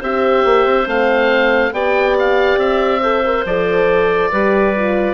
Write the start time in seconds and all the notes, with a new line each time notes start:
0.00 C4 G4 C5 E5
0.44 A#3
0.65 C4
0.85 A3 C4 F5
1.72 B3 G4 D5 G5
2.18 F5
2.57 C4 E5
3.01 A4 C5
3.24 A#4
3.45 F3 A4 D5
4.31 G3 G4 B4
4.75 F4